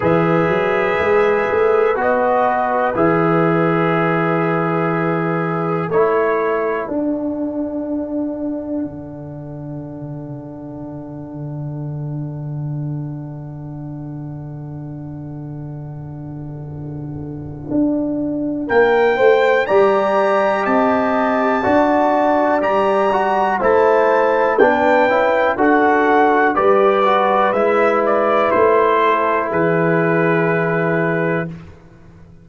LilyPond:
<<
  \new Staff \with { instrumentName = "trumpet" } { \time 4/4 \tempo 4 = 61 e''2 dis''4 e''4~ | e''2 cis''4 fis''4~ | fis''1~ | fis''1~ |
fis''2. g''4 | ais''4 a''2 ais''4 | a''4 g''4 fis''4 d''4 | e''8 d''8 c''4 b'2 | }
  \new Staff \with { instrumentName = "horn" } { \time 4/4 b'1~ | b'2 a'2~ | a'1~ | a'1~ |
a'2. ais'8 c''8 | d''4 dis''4 d''2 | c''4 b'4 a'4 b'4~ | b'4. a'8 gis'2 | }
  \new Staff \with { instrumentName = "trombone" } { \time 4/4 gis'2 fis'4 gis'4~ | gis'2 e'4 d'4~ | d'1~ | d'1~ |
d'1 | g'2 fis'4 g'8 fis'8 | e'4 d'8 e'8 fis'4 g'8 fis'8 | e'1 | }
  \new Staff \with { instrumentName = "tuba" } { \time 4/4 e8 fis8 gis8 a8 b4 e4~ | e2 a4 d'4~ | d'4 d2.~ | d1~ |
d2 d'4 ais8 a8 | g4 c'4 d'4 g4 | a4 b8 cis'8 d'4 g4 | gis4 a4 e2 | }
>>